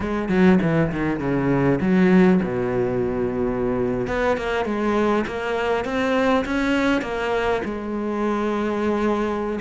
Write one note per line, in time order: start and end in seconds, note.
0.00 0.28 G#3
0.28 0.58 F#3
0.61 0.91 E3
0.92 1.19 D#3
1.19 1.79 C#3
1.80 2.40 F#3
2.43 4.07 B2
4.07 4.37 B3
4.37 4.65 A#3
4.65 5.25 G#3
5.26 5.84 A#3
5.84 6.44 C4
6.45 7.01 C#4
7.01 7.61 A#3
7.64 9.59 G#3